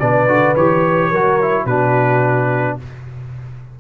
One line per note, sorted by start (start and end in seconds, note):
0.00 0.28 B2
0.00 0.29 D4
0.00 1.11 B4
0.00 0.56 D5
0.28 0.56 D3
0.28 0.56 F#4
0.56 1.12 E3
0.56 1.13 G4
0.56 1.67 C#5
1.11 1.66 F#3
1.11 1.42 F#4
1.11 1.66 A#4
1.42 1.69 E4
1.66 2.77 B2
1.66 2.80 D4
1.66 2.77 F#4
1.66 2.78 B4